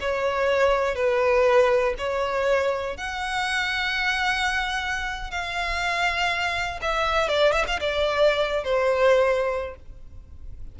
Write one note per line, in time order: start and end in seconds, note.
0.00 0.95 C#5
0.95 1.94 B4
1.97 2.97 C#5
2.97 5.30 F#5
5.30 6.79 F5
6.81 7.28 E5
7.28 7.52 D5
7.52 7.64 E5
7.67 7.79 F5
7.80 8.64 D5
8.64 9.75 C5